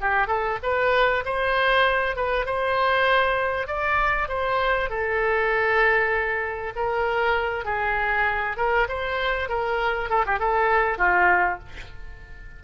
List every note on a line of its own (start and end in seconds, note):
0.00 0.27 G4
0.27 0.58 A4
0.62 1.24 B4
1.25 2.16 C5
2.16 2.45 B4
2.45 3.67 C5
3.67 4.28 D5
4.28 4.89 C5
4.89 6.73 A4
6.75 7.65 A#4
7.65 8.57 G#4
8.57 8.87 A#4
8.88 9.48 C5
9.48 10.09 A#4
10.09 10.24 A4
10.26 10.39 G4
10.39 10.98 A4
10.98 11.59 F4